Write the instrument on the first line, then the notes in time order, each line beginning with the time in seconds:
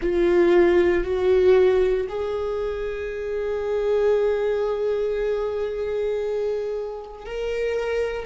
viola
0.02 F4
1.03 F#4
2.08 G#4
7.25 A#4